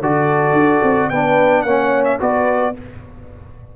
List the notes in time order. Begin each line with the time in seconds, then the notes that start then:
0.00 D3 F#4 A4 D5
0.53 D4
0.83 C4
1.09 B3 D4 B4 G5
1.62 A#3 C#4 C#5 F#5
2.04 E5
2.19 B3 F#4 B4 D5